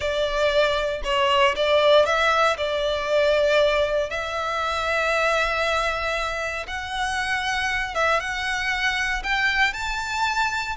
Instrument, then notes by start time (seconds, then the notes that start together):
violin
0.00 D5
1.03 C#5
1.56 D5
2.05 E5
2.57 D5
4.10 E5
6.67 F#5
7.94 E5
8.20 F#5
9.23 G5
9.73 A5